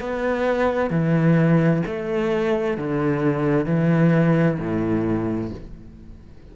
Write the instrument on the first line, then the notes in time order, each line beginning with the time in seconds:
cello
0.00 B3
0.90 E3
1.86 A3
2.77 D3
3.65 E3
4.59 A2